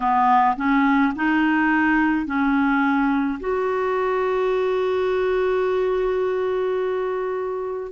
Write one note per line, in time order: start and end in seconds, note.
0.00 0.56 B3
0.56 1.13 C#4
1.15 2.25 D#4
2.25 3.39 C#4
3.40 7.92 F#4